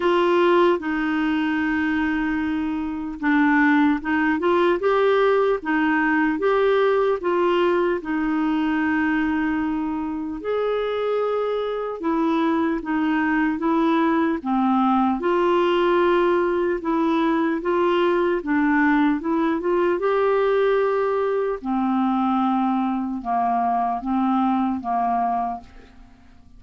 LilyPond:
\new Staff \with { instrumentName = "clarinet" } { \time 4/4 \tempo 4 = 75 f'4 dis'2. | d'4 dis'8 f'8 g'4 dis'4 | g'4 f'4 dis'2~ | dis'4 gis'2 e'4 |
dis'4 e'4 c'4 f'4~ | f'4 e'4 f'4 d'4 | e'8 f'8 g'2 c'4~ | c'4 ais4 c'4 ais4 | }